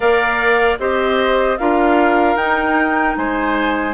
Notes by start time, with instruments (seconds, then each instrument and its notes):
0.00 bassoon A#3, clarinet A#4, oboe D5, flute F5
0.78 bassoon C4, clarinet G4, oboe C5, flute D#5
1.57 bassoon D4, clarinet F4, oboe A#4, flute F5
2.35 bassoon D#4, clarinet D#4, flute G5
3.16 bassoon G#3, oboe C5, flute G#5